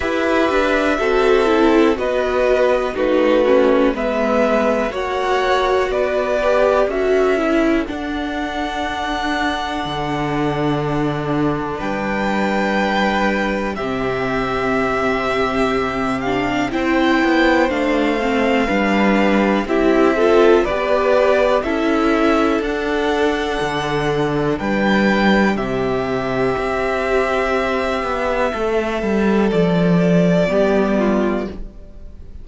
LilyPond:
<<
  \new Staff \with { instrumentName = "violin" } { \time 4/4 \tempo 4 = 61 e''2 dis''4 b'4 | e''4 fis''4 d''4 e''4 | fis''1 | g''2 e''2~ |
e''8 f''8 g''4 f''2 | e''4 d''4 e''4 fis''4~ | fis''4 g''4 e''2~ | e''2 d''2 | }
  \new Staff \with { instrumentName = "violin" } { \time 4/4 b'4 a'4 b'4 fis'4 | b'4 cis''4 b'4 a'4~ | a'1 | b'2 g'2~ |
g'4 c''2 b'4 | g'8 a'8 b'4 a'2~ | a'4 b'4 g'2~ | g'4 a'2 g'8 f'8 | }
  \new Staff \with { instrumentName = "viola" } { \time 4/4 g'4 fis'8 e'8 fis'4 dis'8 cis'8 | b4 fis'4. g'8 fis'8 e'8 | d'1~ | d'2 c'2~ |
c'8 d'8 e'4 d'8 c'8 d'4 | e'8 f'8 g'4 e'4 d'4~ | d'2 c'2~ | c'2. b4 | }
  \new Staff \with { instrumentName = "cello" } { \time 4/4 e'8 d'8 c'4 b4 a4 | gis4 ais4 b4 cis'4 | d'2 d2 | g2 c2~ |
c4 c'8 b8 a4 g4 | c'4 b4 cis'4 d'4 | d4 g4 c4 c'4~ | c'8 b8 a8 g8 f4 g4 | }
>>